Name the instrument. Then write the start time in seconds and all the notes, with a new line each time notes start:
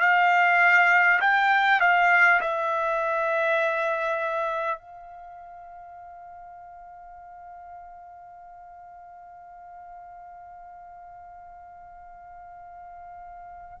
trumpet
0.00 F5
1.21 G5
1.80 F5
2.41 E5
4.78 F5